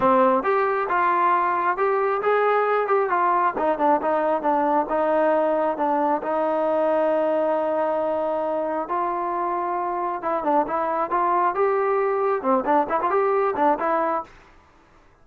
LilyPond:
\new Staff \with { instrumentName = "trombone" } { \time 4/4 \tempo 4 = 135 c'4 g'4 f'2 | g'4 gis'4. g'8 f'4 | dis'8 d'8 dis'4 d'4 dis'4~ | dis'4 d'4 dis'2~ |
dis'1 | f'2. e'8 d'8 | e'4 f'4 g'2 | c'8 d'8 e'16 f'16 g'4 d'8 e'4 | }